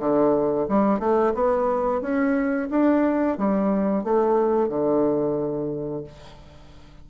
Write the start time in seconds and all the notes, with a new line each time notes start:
0.00 D3
0.69 G3
1.00 A3
1.35 B3
2.02 C#4
2.71 D4
3.38 G3
4.04 A3
4.69 D3